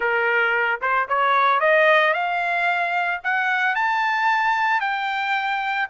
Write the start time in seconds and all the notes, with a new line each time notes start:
0.00 A#4
0.81 C5
1.08 C#5
1.60 D#5
2.13 F5
3.23 F#5
3.75 A5
4.80 G5